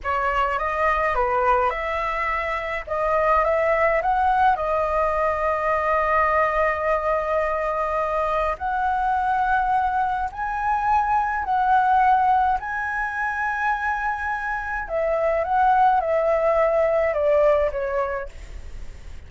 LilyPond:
\new Staff \with { instrumentName = "flute" } { \time 4/4 \tempo 4 = 105 cis''4 dis''4 b'4 e''4~ | e''4 dis''4 e''4 fis''4 | dis''1~ | dis''2. fis''4~ |
fis''2 gis''2 | fis''2 gis''2~ | gis''2 e''4 fis''4 | e''2 d''4 cis''4 | }